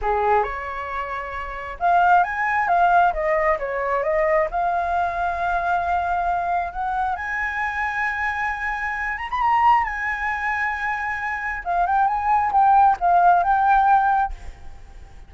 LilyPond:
\new Staff \with { instrumentName = "flute" } { \time 4/4 \tempo 4 = 134 gis'4 cis''2. | f''4 gis''4 f''4 dis''4 | cis''4 dis''4 f''2~ | f''2. fis''4 |
gis''1~ | gis''8 ais''16 b''16 ais''4 gis''2~ | gis''2 f''8 g''8 gis''4 | g''4 f''4 g''2 | }